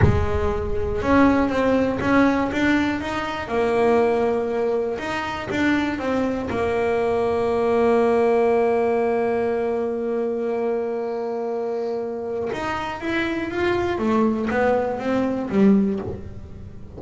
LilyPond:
\new Staff \with { instrumentName = "double bass" } { \time 4/4 \tempo 4 = 120 gis2 cis'4 c'4 | cis'4 d'4 dis'4 ais4~ | ais2 dis'4 d'4 | c'4 ais2.~ |
ais1~ | ais1~ | ais4 dis'4 e'4 f'4 | a4 b4 c'4 g4 | }